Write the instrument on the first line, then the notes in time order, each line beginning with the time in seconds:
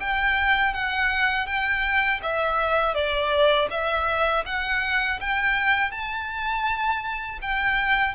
violin
0.00 G5
0.74 F#5
1.46 G5
2.23 E5
2.94 D5
3.71 E5
4.46 F#5
5.21 G5
5.91 A5
7.42 G5